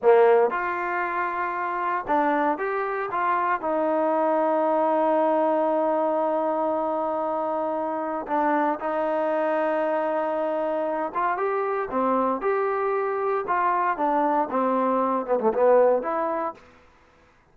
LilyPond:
\new Staff \with { instrumentName = "trombone" } { \time 4/4 \tempo 4 = 116 ais4 f'2. | d'4 g'4 f'4 dis'4~ | dis'1~ | dis'1 |
d'4 dis'2.~ | dis'4. f'8 g'4 c'4 | g'2 f'4 d'4 | c'4. b16 a16 b4 e'4 | }